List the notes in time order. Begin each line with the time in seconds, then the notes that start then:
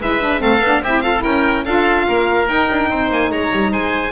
0.00 G#3 E4 B4 E5
0.21 D4
0.40 A3 C4 A4 F5
0.60 B3 D4
0.82 C4 E4 G4 E5
1.02 F4 A4 F5
1.16 E4
1.23 C#4 A#4 G5
1.65 D4 F4 A4 F5
2.09 A#3 A#4
2.47 D#4 G5
2.71 D4
2.90 C4 C5
3.10 A#3 G#5
3.31 G#3 C#5 A#5
3.52 G3
3.72 G#3 C5 G#5